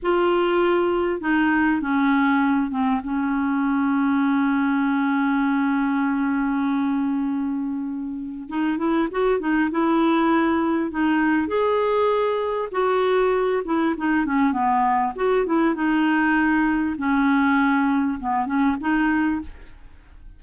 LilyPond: \new Staff \with { instrumentName = "clarinet" } { \time 4/4 \tempo 4 = 99 f'2 dis'4 cis'4~ | cis'8 c'8 cis'2.~ | cis'1~ | cis'2 dis'8 e'8 fis'8 dis'8 |
e'2 dis'4 gis'4~ | gis'4 fis'4. e'8 dis'8 cis'8 | b4 fis'8 e'8 dis'2 | cis'2 b8 cis'8 dis'4 | }